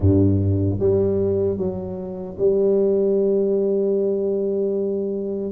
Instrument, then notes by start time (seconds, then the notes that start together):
tuba
0.00 G2
0.79 G3
1.57 F#3
2.38 G3